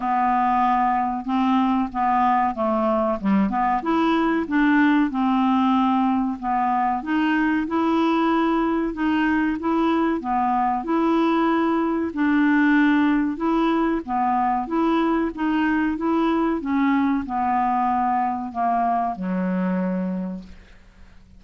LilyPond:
\new Staff \with { instrumentName = "clarinet" } { \time 4/4 \tempo 4 = 94 b2 c'4 b4 | a4 g8 b8 e'4 d'4 | c'2 b4 dis'4 | e'2 dis'4 e'4 |
b4 e'2 d'4~ | d'4 e'4 b4 e'4 | dis'4 e'4 cis'4 b4~ | b4 ais4 fis2 | }